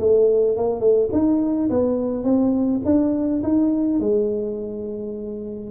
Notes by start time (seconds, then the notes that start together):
0.00 A3
0.57 A#3
0.81 A3
1.13 D#4
1.70 B3
2.24 C4
2.85 D4
3.44 D#4
4.00 G#3